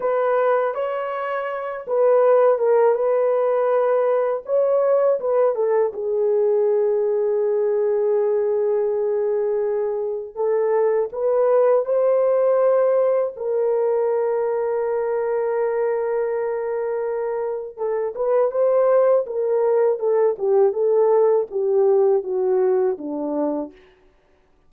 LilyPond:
\new Staff \with { instrumentName = "horn" } { \time 4/4 \tempo 4 = 81 b'4 cis''4. b'4 ais'8 | b'2 cis''4 b'8 a'8 | gis'1~ | gis'2 a'4 b'4 |
c''2 ais'2~ | ais'1 | a'8 b'8 c''4 ais'4 a'8 g'8 | a'4 g'4 fis'4 d'4 | }